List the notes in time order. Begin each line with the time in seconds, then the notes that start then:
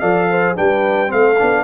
0.00 F3 A4 D5 F5
0.30 C5
0.56 G3 D4 B4 G5
1.07 A3 C4 A4 F5
1.39 B3 D4